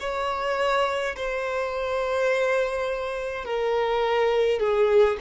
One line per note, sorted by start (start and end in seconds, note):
0.00 1.15 C#5
1.16 3.45 C5
3.45 4.60 A#4
4.60 5.18 G#4